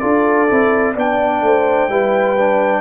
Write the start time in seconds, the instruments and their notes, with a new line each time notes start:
0.00 tuba D4, trombone F4, horn A4, trumpet D5
0.49 tuba C4, trombone E4
0.95 tuba B3, trombone D4, horn D5, trumpet G5
1.42 tuba A3, horn C5
1.89 tuba G3, trombone E4, horn B4
2.38 trombone D4